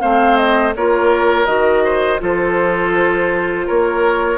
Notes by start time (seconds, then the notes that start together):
0.00 A3 C4 C5 F5
0.36 D#5
0.75 A#3 F4 A#4 C#5
1.46 D#3 F#4 D#5
1.84 C5
2.19 F3 F4 A4 C5
3.67 A#3 A#4 C#5